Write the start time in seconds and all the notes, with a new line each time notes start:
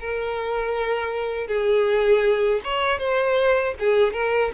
0.00 A#4
1.47 G#4
2.64 C#5
2.99 C5
3.80 G#4
4.13 A#4